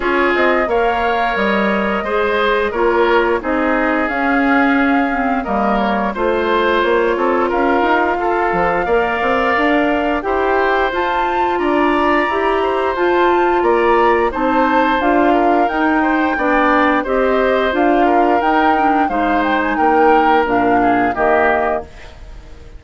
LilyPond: <<
  \new Staff \with { instrumentName = "flute" } { \time 4/4 \tempo 4 = 88 cis''8 dis''8 f''4 dis''2 | cis''4 dis''4 f''2 | dis''8 cis''8 c''4 cis''4 f''4~ | f''2. g''4 |
a''4 ais''2 a''4 | ais''4 a''4 f''4 g''4~ | g''4 dis''4 f''4 g''4 | f''8 g''16 gis''16 g''4 f''4 dis''4 | }
  \new Staff \with { instrumentName = "oboe" } { \time 4/4 gis'4 cis''2 c''4 | ais'4 gis'2. | ais'4 c''4. a'8 ais'4 | a'4 d''2 c''4~ |
c''4 d''4. c''4. | d''4 c''4. ais'4 c''8 | d''4 c''4. ais'4. | c''4 ais'4. gis'8 g'4 | }
  \new Staff \with { instrumentName = "clarinet" } { \time 4/4 f'4 ais'2 gis'4 | f'4 dis'4 cis'4. c'8 | ais4 f'2.~ | f'4 ais'2 g'4 |
f'2 g'4 f'4~ | f'4 dis'4 f'4 dis'4 | d'4 g'4 f'4 dis'8 d'8 | dis'2 d'4 ais4 | }
  \new Staff \with { instrumentName = "bassoon" } { \time 4/4 cis'8 c'8 ais4 g4 gis4 | ais4 c'4 cis'2 | g4 a4 ais8 c'8 cis'8 dis'8 | f'8 f8 ais8 c'8 d'4 e'4 |
f'4 d'4 e'4 f'4 | ais4 c'4 d'4 dis'4 | b4 c'4 d'4 dis'4 | gis4 ais4 ais,4 dis4 | }
>>